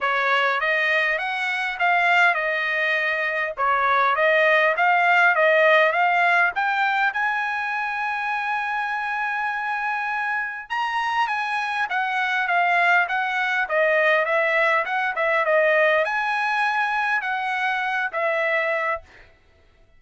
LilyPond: \new Staff \with { instrumentName = "trumpet" } { \time 4/4 \tempo 4 = 101 cis''4 dis''4 fis''4 f''4 | dis''2 cis''4 dis''4 | f''4 dis''4 f''4 g''4 | gis''1~ |
gis''2 ais''4 gis''4 | fis''4 f''4 fis''4 dis''4 | e''4 fis''8 e''8 dis''4 gis''4~ | gis''4 fis''4. e''4. | }